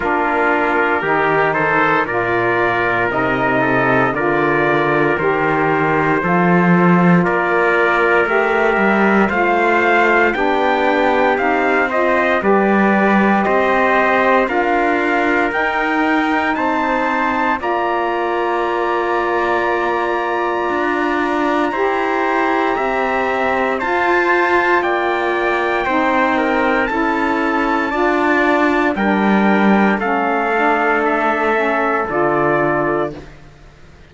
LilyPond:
<<
  \new Staff \with { instrumentName = "trumpet" } { \time 4/4 \tempo 4 = 58 ais'4. c''8 d''4 dis''4 | d''4 c''2 d''4 | e''4 f''4 g''4 f''8 dis''8 | d''4 dis''4 f''4 g''4 |
a''4 ais''2.~ | ais''2. a''4 | g''2 a''2 | g''4 f''4 e''4 d''4 | }
  \new Staff \with { instrumentName = "trumpet" } { \time 4/4 f'4 g'8 a'8 ais'4. a'8 | ais'2 a'4 ais'4~ | ais'4 c''4 g'4. c''8 | b'4 c''4 ais'2 |
c''4 d''2.~ | d''4 c''4 e''4 c''4 | d''4 c''8 ais'8 a'4 d''4 | ais'4 a'2. | }
  \new Staff \with { instrumentName = "saxophone" } { \time 4/4 d'4 dis'4 f'4 dis'4 | f'4 g'4 f'2 | g'4 f'4 d'4 dis'8 f'8 | g'2 f'4 dis'4~ |
dis'4 f'2.~ | f'4 g'2 f'4~ | f'4 dis'4 e'4 f'4 | d'4 cis'8 d'4 cis'8 f'4 | }
  \new Staff \with { instrumentName = "cello" } { \time 4/4 ais4 dis4 ais,4 c4 | d4 dis4 f4 ais4 | a8 g8 a4 b4 c'4 | g4 c'4 d'4 dis'4 |
c'4 ais2. | d'4 e'4 c'4 f'4 | ais4 c'4 cis'4 d'4 | g4 a2 d4 | }
>>